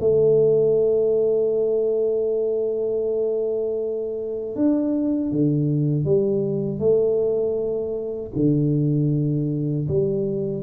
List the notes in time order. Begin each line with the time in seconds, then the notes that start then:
0.00 A3
4.55 D4
5.32 D3
6.04 G3
6.79 A3
8.35 D3
9.88 G3